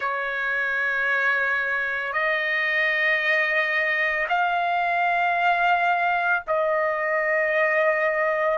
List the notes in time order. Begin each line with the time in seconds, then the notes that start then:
0.00 C#5
2.12 D#5
4.29 F5
6.47 D#5